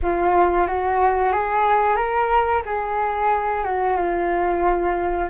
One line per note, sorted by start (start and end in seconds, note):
0.02 0.67 F4
0.67 1.32 F#4
1.32 1.96 G#4
1.96 2.62 A#4
2.65 3.64 G#4
3.64 3.97 F#4
3.97 5.28 F4